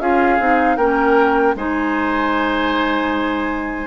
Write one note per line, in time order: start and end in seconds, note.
0.00 0.39 C#4
0.00 0.40 F4
0.00 0.77 G#4
0.00 0.77 F5
0.39 0.77 C4
0.39 0.79 D#4
0.77 1.55 A#3
0.77 1.57 C#4
0.77 1.55 A#4
0.77 1.55 G5
1.55 3.87 G#3
1.55 3.87 D#4
1.55 3.87 C5
1.55 3.87 G#5